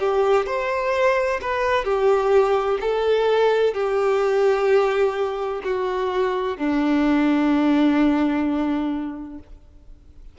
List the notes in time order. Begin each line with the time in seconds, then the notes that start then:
0.00 G4
0.47 C5
1.42 B4
1.85 G4
2.81 A4
3.75 G4
5.65 F#4
6.58 D4